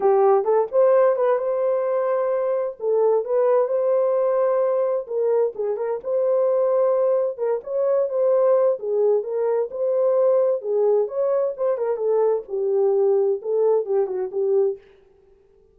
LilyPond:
\new Staff \with { instrumentName = "horn" } { \time 4/4 \tempo 4 = 130 g'4 a'8 c''4 b'8 c''4~ | c''2 a'4 b'4 | c''2. ais'4 | gis'8 ais'8 c''2. |
ais'8 cis''4 c''4. gis'4 | ais'4 c''2 gis'4 | cis''4 c''8 ais'8 a'4 g'4~ | g'4 a'4 g'8 fis'8 g'4 | }